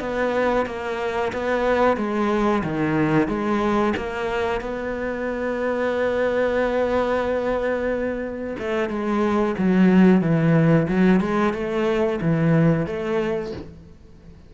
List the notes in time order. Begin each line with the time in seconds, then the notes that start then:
0.00 B3
0.66 A#3
1.32 B3
1.97 G#3
2.64 D#3
3.28 G#3
3.97 A#3
4.61 B3
8.59 A3
8.89 G#3
9.58 F#3
10.21 E3
10.88 F#3
11.21 G#3
11.54 A3
12.21 E3
12.86 A3